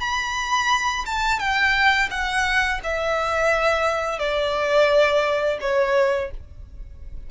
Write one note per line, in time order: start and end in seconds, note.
0.00 1.05 B5
1.06 1.39 A5
1.39 2.09 G5
2.11 2.80 F#5
2.83 4.19 E5
4.19 5.58 D5
5.61 6.30 C#5